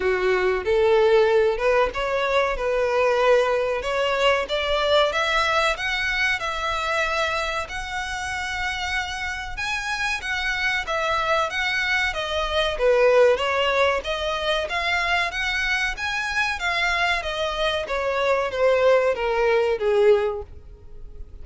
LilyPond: \new Staff \with { instrumentName = "violin" } { \time 4/4 \tempo 4 = 94 fis'4 a'4. b'8 cis''4 | b'2 cis''4 d''4 | e''4 fis''4 e''2 | fis''2. gis''4 |
fis''4 e''4 fis''4 dis''4 | b'4 cis''4 dis''4 f''4 | fis''4 gis''4 f''4 dis''4 | cis''4 c''4 ais'4 gis'4 | }